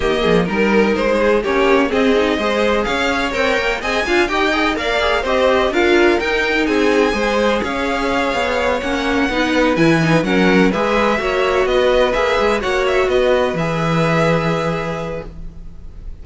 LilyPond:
<<
  \new Staff \with { instrumentName = "violin" } { \time 4/4 \tempo 4 = 126 dis''4 ais'4 c''4 cis''4 | dis''2 f''4 g''4 | gis''4 g''4 f''4 dis''4 | f''4 g''4 gis''2 |
f''2~ f''8 fis''4.~ | fis''8 gis''4 fis''4 e''4.~ | e''8 dis''4 e''4 fis''8 e''8 dis''8~ | dis''8 e''2.~ e''8 | }
  \new Staff \with { instrumentName = "violin" } { \time 4/4 g'8 gis'8 ais'4. gis'8 g'4 | gis'4 c''4 cis''2 | dis''8 f''8 dis''4 d''4 c''4 | ais'2 gis'4 c''4 |
cis''2.~ cis''8 b'8~ | b'4. ais'4 b'4 cis''8~ | cis''8 b'2 cis''4 b'8~ | b'1 | }
  \new Staff \with { instrumentName = "viola" } { \time 4/4 ais4 dis'2 cis'4 | c'8 dis'8 gis'2 ais'4 | gis'8 f'8 g'8 gis'8 ais'8 gis'8 g'4 | f'4 dis'2 gis'4~ |
gis'2~ gis'8 cis'4 dis'8~ | dis'8 e'8 dis'8 cis'4 gis'4 fis'8~ | fis'4. gis'4 fis'4.~ | fis'8 gis'2.~ gis'8 | }
  \new Staff \with { instrumentName = "cello" } { \time 4/4 dis8 f8 g4 gis4 ais4 | c'4 gis4 cis'4 c'8 ais8 | c'8 d'8 dis'4 ais4 c'4 | d'4 dis'4 c'4 gis4 |
cis'4. b4 ais4 b8~ | b8 e4 fis4 gis4 ais8~ | ais8 b4 ais8 gis8 ais4 b8~ | b8 e2.~ e8 | }
>>